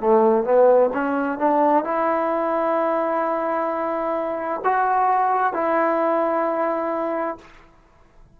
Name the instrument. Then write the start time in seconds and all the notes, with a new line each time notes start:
trombone
0.00 A3
0.44 B3
0.93 C#4
1.38 D4
1.84 E4
4.64 F#4
5.53 E4